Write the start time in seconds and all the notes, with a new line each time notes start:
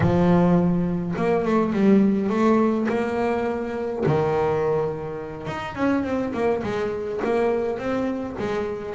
0.00 F3
1.16 A#3
1.44 A3
1.73 G3
2.29 A3
2.88 A#3
4.06 D#3
5.47 D#4
5.75 C#4
6.04 C4
6.33 A#3
6.63 G#3
7.24 A#3
7.78 C4
8.38 G#3